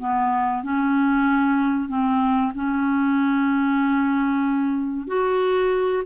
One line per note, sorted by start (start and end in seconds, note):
0.00 0.64 B3
0.64 1.89 C#4
1.89 2.53 C4
2.55 5.07 C#4
5.07 6.03 F#4